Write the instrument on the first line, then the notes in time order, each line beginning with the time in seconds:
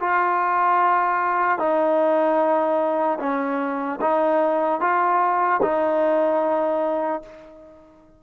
trombone
0.00 F4
1.59 D#4
3.20 C#4
4.01 D#4
4.80 F4
5.62 D#4